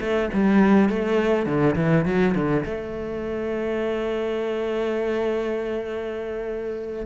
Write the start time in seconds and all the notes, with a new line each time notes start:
0.00 A3
0.33 G3
0.89 A3
1.45 D3
1.75 E3
2.05 F#3
2.34 D3
2.65 A3